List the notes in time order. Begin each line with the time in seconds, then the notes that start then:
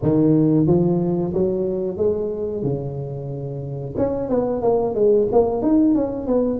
0.02 D#3
0.66 F3
1.33 F#3
1.97 G#3
2.63 C#3
3.97 C#4
4.29 B3
4.62 A#3
4.95 G#3
5.31 A#3
5.61 D#4
5.95 C#4
6.26 B3